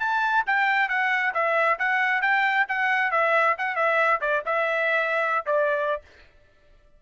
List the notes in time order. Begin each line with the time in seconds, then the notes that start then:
0.00 A5
0.47 G5
0.89 F#5
1.34 E5
1.79 F#5
2.22 G5
2.69 F#5
3.12 E5
3.59 F#5
3.76 E5
4.21 D5
4.46 E5
5.46 D5